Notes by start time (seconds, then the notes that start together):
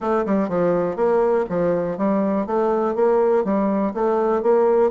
0.00 A3
0.25 G3
0.48 F3
0.95 A#3
1.49 F3
1.97 G3
2.46 A3
2.95 A#3
3.44 G3
3.94 A3
4.42 A#3